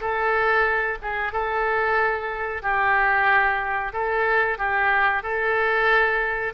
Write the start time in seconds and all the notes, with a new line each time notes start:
0.00 A4
1.01 G#4
1.32 A4
2.62 G4
3.92 A4
4.57 G4
5.22 A4